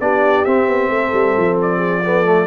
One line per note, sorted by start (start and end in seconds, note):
0.00 0.45 B3
0.00 0.46 D4
0.00 0.91 G4
0.00 0.45 D5
0.45 0.68 C4
0.45 2.04 C4
0.45 1.58 E5
0.68 0.89 B3
0.89 1.12 A3
0.89 1.78 A4
1.13 1.36 G3
1.37 2.47 F3
1.62 2.47 D5
1.78 2.00 G#4
2.03 2.25 B3
2.03 2.47 A4
2.25 2.47 A3